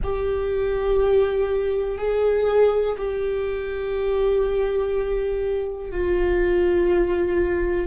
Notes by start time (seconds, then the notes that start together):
0.03 G4
1.98 G#4
2.97 G4
5.91 F4